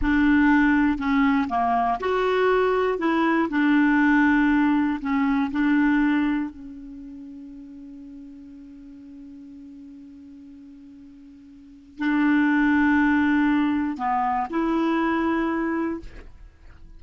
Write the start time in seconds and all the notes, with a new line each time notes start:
0.01 D4
0.98 C#4
1.48 A#3
2.00 F#4
2.98 E4
3.49 D4
5.00 C#4
5.51 D4
6.50 C#4
11.98 D4
13.97 B3
14.50 E4